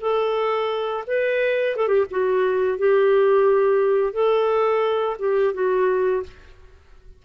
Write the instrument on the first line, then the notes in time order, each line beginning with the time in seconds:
clarinet
0.00 A4
1.07 B4
1.76 A4
1.87 G4
2.10 F#4
2.78 G4
4.13 A4
5.19 G4
5.54 F#4